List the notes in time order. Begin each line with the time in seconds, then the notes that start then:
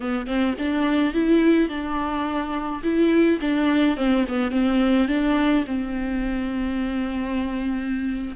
0.00 B3
0.26 C4
0.58 D4
1.13 E4
1.69 D4
2.83 E4
3.40 D4
3.96 C4
4.28 B3
4.51 C4
5.08 D4
5.66 C4